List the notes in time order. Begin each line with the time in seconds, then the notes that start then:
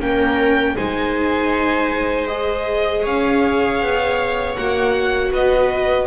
0.00 A#3 C#4 G5
0.06 A#4
0.77 G#3 D#4 C5 G#5
2.28 G#4 D#5
3.02 C#4 C#5 F5
3.81 B3
4.56 A#3 F#4 F#5
5.32 B3 B4 D#5